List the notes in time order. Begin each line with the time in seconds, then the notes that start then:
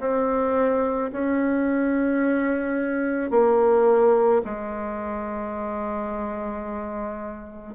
0.00 C4
1.13 C#4
3.31 A#3
4.45 G#3